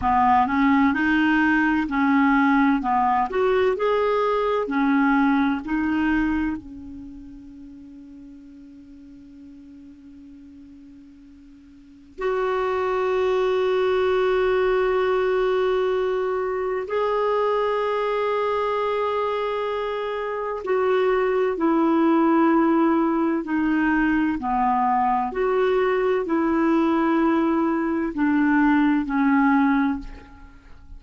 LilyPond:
\new Staff \with { instrumentName = "clarinet" } { \time 4/4 \tempo 4 = 64 b8 cis'8 dis'4 cis'4 b8 fis'8 | gis'4 cis'4 dis'4 cis'4~ | cis'1~ | cis'4 fis'2.~ |
fis'2 gis'2~ | gis'2 fis'4 e'4~ | e'4 dis'4 b4 fis'4 | e'2 d'4 cis'4 | }